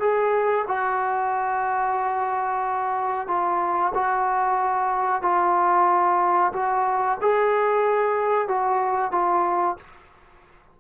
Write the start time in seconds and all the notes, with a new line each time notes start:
0.00 G#4
0.68 F#4
3.28 F4
3.94 F#4
5.22 F4
6.53 F#4
7.22 G#4
8.48 F#4
9.12 F4